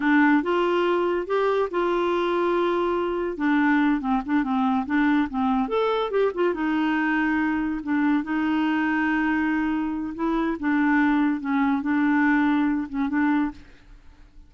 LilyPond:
\new Staff \with { instrumentName = "clarinet" } { \time 4/4 \tempo 4 = 142 d'4 f'2 g'4 | f'1 | d'4. c'8 d'8 c'4 d'8~ | d'8 c'4 a'4 g'8 f'8 dis'8~ |
dis'2~ dis'8 d'4 dis'8~ | dis'1 | e'4 d'2 cis'4 | d'2~ d'8 cis'8 d'4 | }